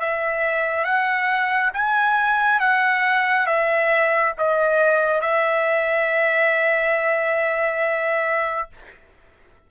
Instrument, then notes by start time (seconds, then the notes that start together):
trumpet
0.00 E5
0.85 F#5
1.74 G#5
2.60 F#5
3.47 E5
4.38 D#5
5.21 E5